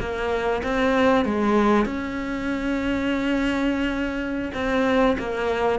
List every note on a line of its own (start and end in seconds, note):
0.00 0.62 A#3
0.64 1.25 C4
1.25 1.86 G#3
1.86 4.51 C#4
4.54 5.17 C4
5.19 5.80 A#3